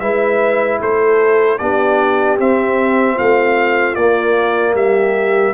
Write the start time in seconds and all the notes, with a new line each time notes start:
0.00 G#3 E4 B4 E5
0.81 A3 A4 C5
1.58 B3 D4 G4 D5
2.39 C4 E5
3.15 A3 F4 F5
3.95 A#3 D5
4.75 G3 G4 E5